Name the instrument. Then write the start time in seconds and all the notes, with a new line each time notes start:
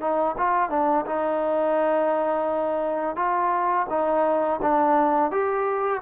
trombone
0.00 D#4
0.37 F4
0.69 D4
1.06 D#4
3.16 F4
3.89 D#4
4.62 D4
5.31 G4